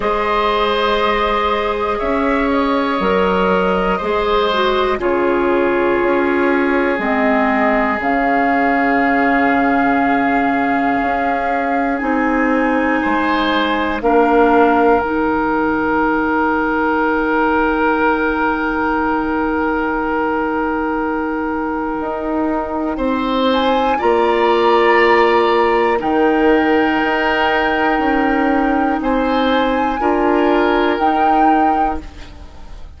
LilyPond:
<<
  \new Staff \with { instrumentName = "flute" } { \time 4/4 \tempo 4 = 60 dis''2 e''8 dis''4.~ | dis''4 cis''2 dis''4 | f''1 | gis''2 f''4 g''4~ |
g''1~ | g''2.~ g''8 gis''8 | ais''2 g''2~ | g''4 gis''2 g''4 | }
  \new Staff \with { instrumentName = "oboe" } { \time 4/4 c''2 cis''2 | c''4 gis'2.~ | gis'1~ | gis'4 c''4 ais'2~ |
ais'1~ | ais'2. c''4 | d''2 ais'2~ | ais'4 c''4 ais'2 | }
  \new Staff \with { instrumentName = "clarinet" } { \time 4/4 gis'2. ais'4 | gis'8 fis'8 f'2 c'4 | cis'1 | dis'2 d'4 dis'4~ |
dis'1~ | dis'1 | f'2 dis'2~ | dis'2 f'4 dis'4 | }
  \new Staff \with { instrumentName = "bassoon" } { \time 4/4 gis2 cis'4 fis4 | gis4 cis4 cis'4 gis4 | cis2. cis'4 | c'4 gis4 ais4 dis4~ |
dis1~ | dis2 dis'4 c'4 | ais2 dis4 dis'4 | cis'4 c'4 d'4 dis'4 | }
>>